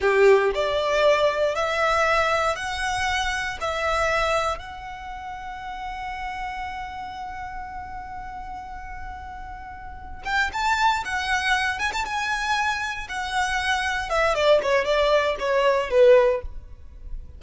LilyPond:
\new Staff \with { instrumentName = "violin" } { \time 4/4 \tempo 4 = 117 g'4 d''2 e''4~ | e''4 fis''2 e''4~ | e''4 fis''2.~ | fis''1~ |
fis''1 | g''8 a''4 fis''4. gis''16 a''16 gis''8~ | gis''4. fis''2 e''8 | d''8 cis''8 d''4 cis''4 b'4 | }